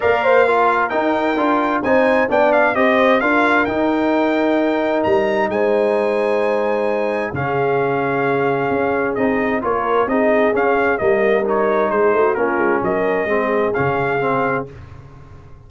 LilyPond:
<<
  \new Staff \with { instrumentName = "trumpet" } { \time 4/4 \tempo 4 = 131 f''2 g''2 | gis''4 g''8 f''8 dis''4 f''4 | g''2. ais''4 | gis''1 |
f''1 | dis''4 cis''4 dis''4 f''4 | dis''4 cis''4 c''4 ais'4 | dis''2 f''2 | }
  \new Staff \with { instrumentName = "horn" } { \time 4/4 d''8 c''8 ais'2. | c''4 d''4 c''4 ais'4~ | ais'1 | c''1 |
gis'1~ | gis'4 ais'4 gis'2 | ais'2 gis'8 fis'8 f'4 | ais'4 gis'2. | }
  \new Staff \with { instrumentName = "trombone" } { \time 4/4 ais'4 f'4 dis'4 f'4 | dis'4 d'4 g'4 f'4 | dis'1~ | dis'1 |
cis'1 | dis'4 f'4 dis'4 cis'4 | ais4 dis'2 cis'4~ | cis'4 c'4 cis'4 c'4 | }
  \new Staff \with { instrumentName = "tuba" } { \time 4/4 ais2 dis'4 d'4 | c'4 b4 c'4 d'4 | dis'2. g4 | gis1 |
cis2. cis'4 | c'4 ais4 c'4 cis'4 | g2 gis8 a8 ais8 gis8 | fis4 gis4 cis2 | }
>>